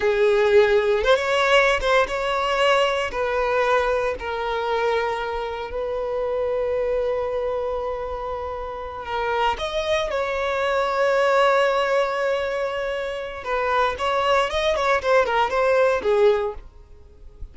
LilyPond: \new Staff \with { instrumentName = "violin" } { \time 4/4 \tempo 4 = 116 gis'2 c''16 cis''4~ cis''16 c''8 | cis''2 b'2 | ais'2. b'4~ | b'1~ |
b'4. ais'4 dis''4 cis''8~ | cis''1~ | cis''2 b'4 cis''4 | dis''8 cis''8 c''8 ais'8 c''4 gis'4 | }